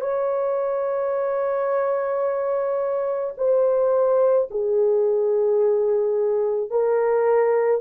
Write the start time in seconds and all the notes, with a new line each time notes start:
0.00 C#5
3.37 C5
4.50 G#4
6.70 A#4